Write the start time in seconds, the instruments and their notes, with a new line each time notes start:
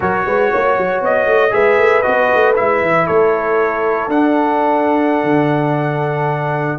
0.00 tuba F#3, trombone F#4, horn A#4, trumpet C#5
0.25 tuba G#3, horn B4
0.51 tuba A#3, horn C#5
0.78 tuba F#3
1.01 tuba B3, trumpet D#5
1.25 tuba A3
1.50 tuba G#3, trombone G#4, horn B4, trumpet E5
1.77 tuba A3
2.02 tuba B3, trombone F#4, trumpet D#5
2.34 tuba A3
2.56 tuba G#3, trombone E4, trumpet E5
2.81 tuba E3
3.06 tuba A3, horn A4, trumpet C#5
4.08 tuba D4, trombone D4, trumpet F#5
5.23 tuba D3